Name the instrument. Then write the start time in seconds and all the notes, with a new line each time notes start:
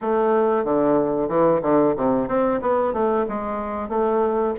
bassoon
0.01 A3
0.64 D3
1.28 E3
1.62 D3
1.96 C3
2.27 C4
2.61 B3
2.93 A3
3.28 G#3
3.88 A3